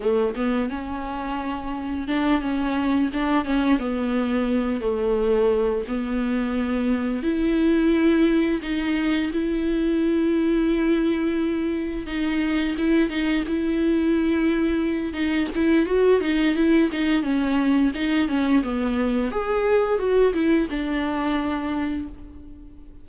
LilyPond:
\new Staff \with { instrumentName = "viola" } { \time 4/4 \tempo 4 = 87 a8 b8 cis'2 d'8 cis'8~ | cis'8 d'8 cis'8 b4. a4~ | a8 b2 e'4.~ | e'8 dis'4 e'2~ e'8~ |
e'4. dis'4 e'8 dis'8 e'8~ | e'2 dis'8 e'8 fis'8 dis'8 | e'8 dis'8 cis'4 dis'8 cis'8 b4 | gis'4 fis'8 e'8 d'2 | }